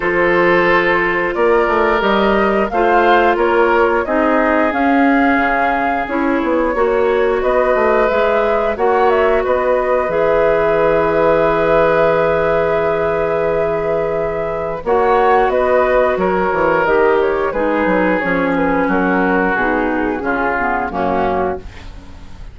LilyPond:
<<
  \new Staff \with { instrumentName = "flute" } { \time 4/4 \tempo 4 = 89 c''2 d''4 dis''4 | f''4 cis''4 dis''4 f''4~ | f''4 cis''2 dis''4 | e''4 fis''8 e''8 dis''4 e''4~ |
e''1~ | e''2 fis''4 dis''4 | cis''4 dis''8 cis''8 b'4 cis''8 b'8 | ais'4 gis'2 fis'4 | }
  \new Staff \with { instrumentName = "oboe" } { \time 4/4 a'2 ais'2 | c''4 ais'4 gis'2~ | gis'2 cis''4 b'4~ | b'4 cis''4 b'2~ |
b'1~ | b'2 cis''4 b'4 | ais'2 gis'2 | fis'2 f'4 cis'4 | }
  \new Staff \with { instrumentName = "clarinet" } { \time 4/4 f'2. g'4 | f'2 dis'4 cis'4~ | cis'4 e'4 fis'2 | gis'4 fis'2 gis'4~ |
gis'1~ | gis'2 fis'2~ | fis'4 g'4 dis'4 cis'4~ | cis'4 dis'4 cis'8 b8 ais4 | }
  \new Staff \with { instrumentName = "bassoon" } { \time 4/4 f2 ais8 a8 g4 | a4 ais4 c'4 cis'4 | cis4 cis'8 b8 ais4 b8 a8 | gis4 ais4 b4 e4~ |
e1~ | e2 ais4 b4 | fis8 e8 dis4 gis8 fis8 f4 | fis4 b,4 cis4 fis,4 | }
>>